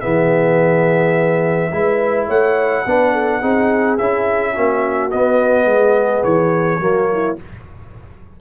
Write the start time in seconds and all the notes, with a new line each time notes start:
0.00 E3 B3 G#4 E5
1.72 G#3 E4 B4
2.26 A3 C#5 F#5
2.86 B3 D4 B4
3.12 A4
3.39 C4 D#4 G#4
3.97 C#4 E4 E5
4.52 A#3 C#4 F#4
5.10 B3 D#5
5.65 G#3 G#4
6.23 E3 C#5
6.79 F#3 A#3 F#4
7.12 E4